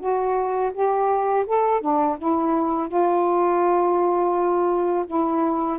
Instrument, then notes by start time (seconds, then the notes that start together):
saxophone
0.00 F#4
0.74 G4
1.47 A4
1.82 D4
2.19 E4
2.89 F4
5.07 E4